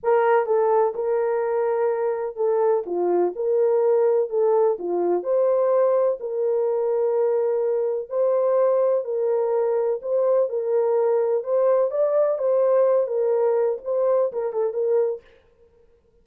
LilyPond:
\new Staff \with { instrumentName = "horn" } { \time 4/4 \tempo 4 = 126 ais'4 a'4 ais'2~ | ais'4 a'4 f'4 ais'4~ | ais'4 a'4 f'4 c''4~ | c''4 ais'2.~ |
ais'4 c''2 ais'4~ | ais'4 c''4 ais'2 | c''4 d''4 c''4. ais'8~ | ais'4 c''4 ais'8 a'8 ais'4 | }